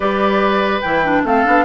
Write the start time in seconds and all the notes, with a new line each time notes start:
0.00 G3 G4 B4 D5
0.81 E3 E4 G5
1.04 D4
1.23 A3 C4 A4 F5
1.45 B3 D4